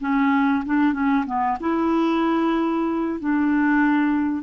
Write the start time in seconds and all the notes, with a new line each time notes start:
0.00 C#4
0.65 D4
0.93 C#4
1.26 B3
1.60 E4
3.20 D4